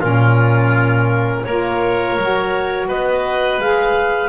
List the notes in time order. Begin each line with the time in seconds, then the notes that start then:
0.00 A#2 C#4 F4 A#4
1.44 A#3 F4 A#4 C#5
2.17 F#3 F#4
2.88 B3 B4 D#5
3.58 G#3 G#4 F5